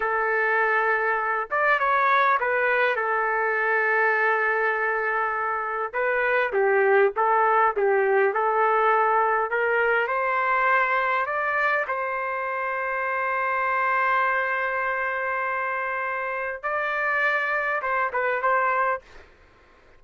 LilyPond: \new Staff \with { instrumentName = "trumpet" } { \time 4/4 \tempo 4 = 101 a'2~ a'8 d''8 cis''4 | b'4 a'2.~ | a'2 b'4 g'4 | a'4 g'4 a'2 |
ais'4 c''2 d''4 | c''1~ | c''1 | d''2 c''8 b'8 c''4 | }